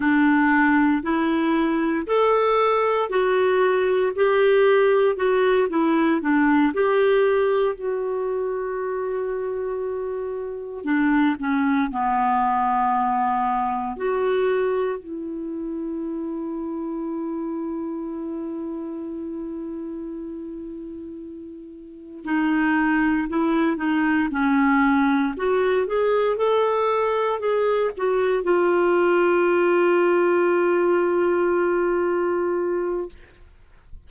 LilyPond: \new Staff \with { instrumentName = "clarinet" } { \time 4/4 \tempo 4 = 58 d'4 e'4 a'4 fis'4 | g'4 fis'8 e'8 d'8 g'4 fis'8~ | fis'2~ fis'8 d'8 cis'8 b8~ | b4. fis'4 e'4.~ |
e'1~ | e'4. dis'4 e'8 dis'8 cis'8~ | cis'8 fis'8 gis'8 a'4 gis'8 fis'8 f'8~ | f'1 | }